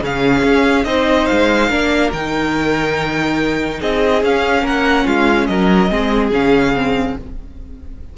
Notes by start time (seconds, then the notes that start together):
0.00 C#3 C#4 G#4 F5
0.44 C#4
0.84 C4 D#4 C5 D#5
1.26 G#3 F5
1.70 A#3 D4 A#4
2.12 D#3 D#4 G5
3.80 C4 G#4 D#5
4.23 C#4 F5
4.62 A#3 A#4 F#5
5.05 G#3 F4 F5
5.46 F#3 A#4 D#5
5.90 G#3 C4 G#4
6.31 C#3 C#4 F5
6.75 C4